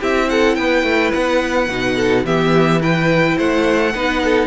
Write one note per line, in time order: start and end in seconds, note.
0.00 0.58 C4
0.00 1.70 E4
0.00 0.28 G4
0.00 0.30 E5
0.30 0.57 A4
0.30 0.55 F#5
0.55 0.83 B3
0.55 1.96 B4
0.55 1.11 G5
0.83 1.11 A3
1.14 1.69 B3
1.14 2.26 F#5
1.69 2.25 B2
1.69 2.26 D#4
1.96 2.24 A4
2.25 3.37 E3
2.25 2.80 B3
2.25 2.81 G4
2.25 2.82 E5
2.80 3.93 E4
2.80 3.37 B4
2.80 3.38 G5
3.37 3.95 A3
3.37 3.93 C5
3.37 4.47 F#5
3.95 4.47 B3
3.95 4.47 D#4
3.95 4.23 B4
4.25 4.47 A4